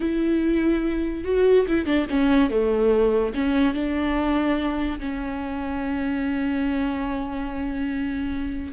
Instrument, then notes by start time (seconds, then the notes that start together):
viola
0.00 E4
1.24 F#4
1.67 E4
1.85 D4
2.09 C#4
2.50 A3
3.34 C#4
3.74 D4
4.99 C#4